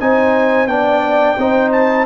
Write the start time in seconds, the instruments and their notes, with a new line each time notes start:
0.00 tuba C4, trombone D#4, horn C5, trumpet G#5
0.67 tuba B3, trombone D4, horn D5, trumpet G5
1.37 tuba C4, trombone D#4, horn C5
1.72 trumpet A5